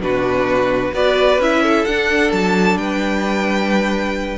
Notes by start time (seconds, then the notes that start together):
0.00 B2 D4 F#4 B4
0.93 B3 F#4 B4 D5
1.38 C#4 E4 E5
1.63 A4
1.85 D4 F#5
2.32 F#3 A5
2.77 G3 B4 G5